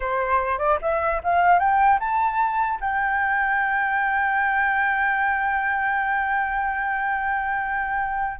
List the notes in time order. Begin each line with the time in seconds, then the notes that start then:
0.00 C5
0.58 D5
0.81 E5
1.23 F5
1.59 G5
1.99 A5
2.80 G5